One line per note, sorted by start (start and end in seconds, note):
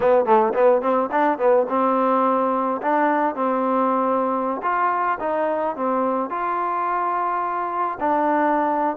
0.00 0.25 B3
0.25 0.53 A3
0.53 0.81 B3
0.81 1.09 C4
1.11 1.38 D4
1.38 1.66 B3
1.69 2.81 C4
2.81 3.35 D4
3.35 4.61 C4
4.62 5.18 F4
5.19 5.76 D#4
5.76 6.30 C4
6.30 7.98 F4
8.00 8.96 D4